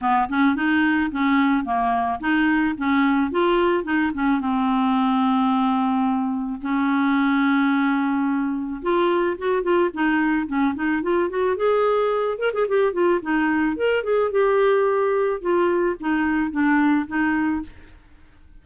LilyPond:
\new Staff \with { instrumentName = "clarinet" } { \time 4/4 \tempo 4 = 109 b8 cis'8 dis'4 cis'4 ais4 | dis'4 cis'4 f'4 dis'8 cis'8 | c'1 | cis'1 |
f'4 fis'8 f'8 dis'4 cis'8 dis'8 | f'8 fis'8 gis'4. ais'16 gis'16 g'8 f'8 | dis'4 ais'8 gis'8 g'2 | f'4 dis'4 d'4 dis'4 | }